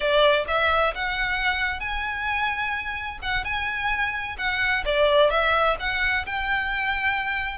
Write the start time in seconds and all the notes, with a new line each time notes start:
0.00 D5
0.47 E5
0.94 F#5
1.80 G#5
3.22 F#5
3.44 G#5
4.38 F#5
4.85 D5
5.30 E5
5.79 F#5
6.26 G5